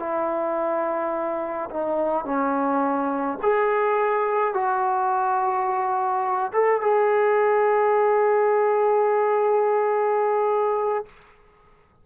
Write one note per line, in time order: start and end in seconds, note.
0.00 1.70 E4
1.70 2.25 D#4
2.25 3.39 C#4
3.42 4.54 G#4
4.54 6.52 F#4
6.53 6.81 A4
6.81 11.06 G#4